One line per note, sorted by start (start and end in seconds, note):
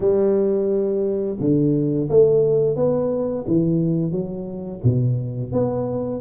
0.00 1.37 G3
1.39 2.08 D3
2.09 2.76 A3
2.76 3.45 B3
3.47 4.11 E3
4.11 4.80 F#3
4.83 5.52 B2
5.52 6.20 B3